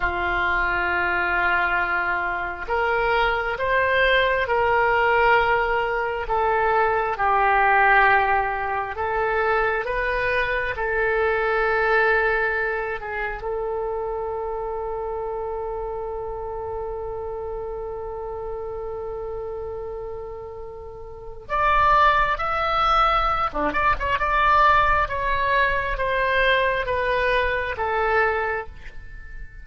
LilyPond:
\new Staff \with { instrumentName = "oboe" } { \time 4/4 \tempo 4 = 67 f'2. ais'4 | c''4 ais'2 a'4 | g'2 a'4 b'4 | a'2~ a'8 gis'8 a'4~ |
a'1~ | a'1 | d''4 e''4~ e''16 d'16 d''16 cis''16 d''4 | cis''4 c''4 b'4 a'4 | }